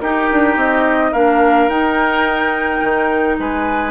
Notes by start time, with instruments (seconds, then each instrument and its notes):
0.00 bassoon D#4, clarinet D#4, oboe G4, flute A#4
0.32 bassoon D4
0.56 bassoon C4, flute D#5
1.11 bassoon A#3, clarinet D4, oboe A#4, flute F5
1.68 bassoon D#4, clarinet D#4, flute G5
2.82 bassoon D#3
3.39 bassoon G#3, oboe B4, flute G#5